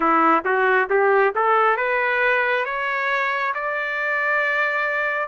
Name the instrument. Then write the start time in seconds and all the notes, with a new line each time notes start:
trumpet
0.00 E4
0.44 F#4
0.89 G4
1.35 A4
1.76 B4
2.65 C#5
3.54 D5